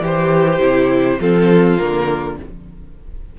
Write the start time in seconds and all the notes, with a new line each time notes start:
0.00 E3 G4 C5
0.59 C3 E4
1.19 F3 C4 F4 A4
1.77 D3 A#3 A#4